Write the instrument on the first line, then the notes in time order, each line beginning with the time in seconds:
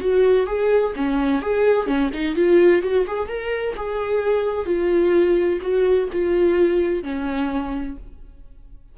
viola
0.00 F#4
0.46 G#4
0.95 C#4
1.41 G#4
1.86 C#4
2.13 D#4
2.35 F4
2.82 F#4
3.07 G#4
3.28 A#4
3.76 G#4
4.66 F4
5.61 F#4
6.12 F4
7.03 C#4